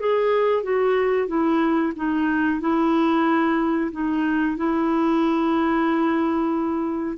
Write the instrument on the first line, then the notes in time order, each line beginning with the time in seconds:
clarinet
0.00 G#4
0.63 F#4
1.27 E4
1.96 D#4
2.60 E4
3.92 D#4
4.57 E4